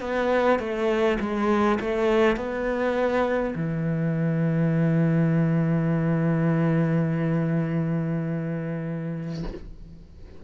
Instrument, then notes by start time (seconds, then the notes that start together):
cello
0.00 B3
0.59 A3
1.19 G#3
1.80 A3
2.36 B3
3.55 E3